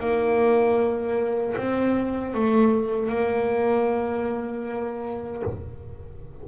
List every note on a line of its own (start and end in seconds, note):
0.00 1.56 A#3
1.57 2.34 C4
2.34 3.09 A3
3.09 5.43 A#3